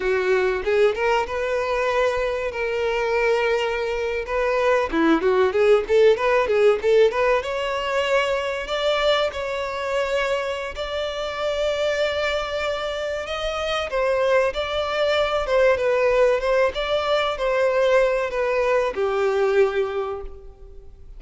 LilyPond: \new Staff \with { instrumentName = "violin" } { \time 4/4 \tempo 4 = 95 fis'4 gis'8 ais'8 b'2 | ais'2~ ais'8. b'4 e'16~ | e'16 fis'8 gis'8 a'8 b'8 gis'8 a'8 b'8 cis''16~ | cis''4.~ cis''16 d''4 cis''4~ cis''16~ |
cis''4 d''2.~ | d''4 dis''4 c''4 d''4~ | d''8 c''8 b'4 c''8 d''4 c''8~ | c''4 b'4 g'2 | }